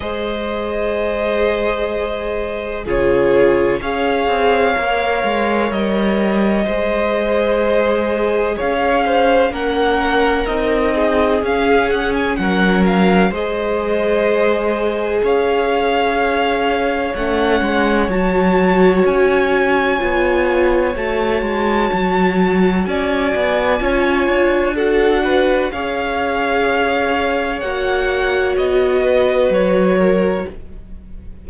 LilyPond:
<<
  \new Staff \with { instrumentName = "violin" } { \time 4/4 \tempo 4 = 63 dis''2. cis''4 | f''2 dis''2~ | dis''4 f''4 fis''4 dis''4 | f''8 fis''16 gis''16 fis''8 f''8 dis''2 |
f''2 fis''4 a''4 | gis''2 a''2 | gis''2 fis''4 f''4~ | f''4 fis''4 dis''4 cis''4 | }
  \new Staff \with { instrumentName = "violin" } { \time 4/4 c''2. gis'4 | cis''2. c''4~ | c''4 cis''8 c''8 ais'4. gis'8~ | gis'4 ais'4 c''2 |
cis''1~ | cis''1 | d''4 cis''4 a'8 b'8 cis''4~ | cis''2~ cis''8 b'4 ais'8 | }
  \new Staff \with { instrumentName = "viola" } { \time 4/4 gis'2. f'4 | gis'4 ais'2 gis'4~ | gis'2 cis'4 dis'4 | cis'2 gis'2~ |
gis'2 cis'4 fis'4~ | fis'4 f'4 fis'2~ | fis'4 f'4 fis'4 gis'4~ | gis'4 fis'2. | }
  \new Staff \with { instrumentName = "cello" } { \time 4/4 gis2. cis4 | cis'8 c'8 ais8 gis8 g4 gis4~ | gis4 cis'4 ais4 c'4 | cis'4 fis4 gis2 |
cis'2 a8 gis8 fis4 | cis'4 b4 a8 gis8 fis4 | cis'8 b8 cis'8 d'4. cis'4~ | cis'4 ais4 b4 fis4 | }
>>